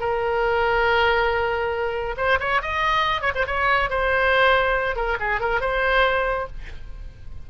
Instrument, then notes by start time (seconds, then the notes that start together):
oboe
0.00 A#4
2.17 C5
2.40 C#5
2.62 D#5
3.21 C#5
3.35 C5
3.47 C#5
3.90 C5
4.96 A#4
5.20 G#4
5.40 A#4
5.61 C5